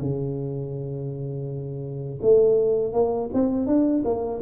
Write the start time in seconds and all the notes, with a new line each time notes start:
0.00 C#3
2.21 A3
2.93 A#3
3.33 C4
3.66 D4
4.04 A#3